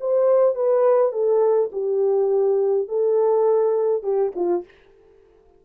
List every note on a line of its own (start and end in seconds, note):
0.00 0.55 C5
0.55 1.12 B4
1.12 1.70 A4
1.72 2.88 G4
2.88 4.03 A4
4.03 4.32 G4
4.35 4.64 F4